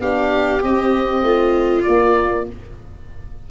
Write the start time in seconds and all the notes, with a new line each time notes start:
0.00 B3 D4 G4 F5
0.62 C4 D#5
1.22 A3 F4
1.83 A#3 D5